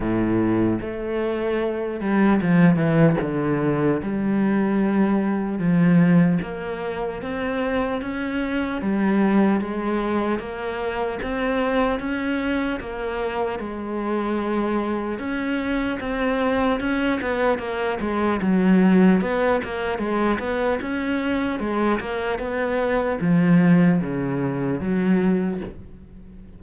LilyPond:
\new Staff \with { instrumentName = "cello" } { \time 4/4 \tempo 4 = 75 a,4 a4. g8 f8 e8 | d4 g2 f4 | ais4 c'4 cis'4 g4 | gis4 ais4 c'4 cis'4 |
ais4 gis2 cis'4 | c'4 cis'8 b8 ais8 gis8 fis4 | b8 ais8 gis8 b8 cis'4 gis8 ais8 | b4 f4 cis4 fis4 | }